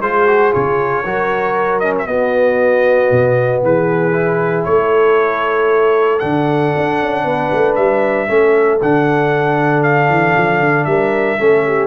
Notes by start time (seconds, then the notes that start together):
0.00 G#3 F4 G#4 C5
0.27 F#4
0.52 C#3 F4 C#5
1.03 F#3 F#4 A#4
1.79 C#4 D#5
1.98 E5
2.06 B3 F#4 D#5
3.11 B2
3.62 E3 G#4 B4
4.12 E4
4.64 A3 A4 C#5
6.19 D3 D4 F#5
6.77 D4
7.01 C#4
7.24 B3 B4
7.51 A3
7.75 G3 E5
8.27 A3 C#4 A4
8.81 D3 D4 F#5
9.83 F5
10.09 E3
10.37 F3
10.60 D3
10.84 G3 A#4 E5
11.38 A3 C#4 A4
11.66 G4